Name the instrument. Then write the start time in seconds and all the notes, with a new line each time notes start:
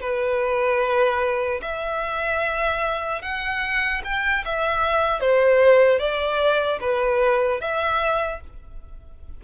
violin
0.00 B4
1.61 E5
3.21 F#5
4.04 G5
4.45 E5
5.20 C5
5.99 D5
6.80 B4
7.60 E5